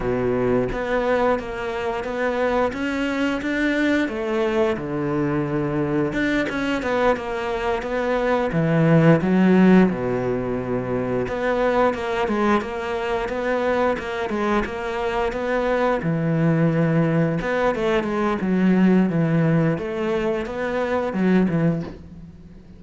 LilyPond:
\new Staff \with { instrumentName = "cello" } { \time 4/4 \tempo 4 = 88 b,4 b4 ais4 b4 | cis'4 d'4 a4 d4~ | d4 d'8 cis'8 b8 ais4 b8~ | b8 e4 fis4 b,4.~ |
b,8 b4 ais8 gis8 ais4 b8~ | b8 ais8 gis8 ais4 b4 e8~ | e4. b8 a8 gis8 fis4 | e4 a4 b4 fis8 e8 | }